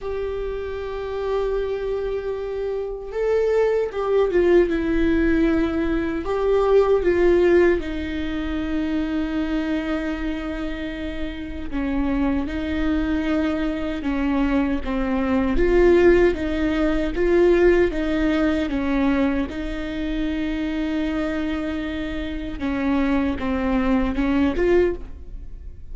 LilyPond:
\new Staff \with { instrumentName = "viola" } { \time 4/4 \tempo 4 = 77 g'1 | a'4 g'8 f'8 e'2 | g'4 f'4 dis'2~ | dis'2. cis'4 |
dis'2 cis'4 c'4 | f'4 dis'4 f'4 dis'4 | cis'4 dis'2.~ | dis'4 cis'4 c'4 cis'8 f'8 | }